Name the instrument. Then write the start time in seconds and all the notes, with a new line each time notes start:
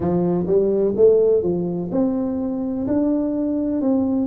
tuba
0.00 F3
0.46 G3
0.96 A3
1.42 F3
1.91 C4
2.87 D4
3.81 C4